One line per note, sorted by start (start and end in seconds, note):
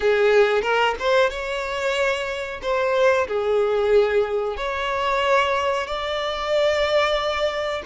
0.00 0.62 G#4
0.62 0.94 A#4
0.99 1.30 C5
1.30 2.60 C#5
2.61 3.27 C5
3.27 4.57 G#4
4.57 5.86 C#5
5.86 7.82 D5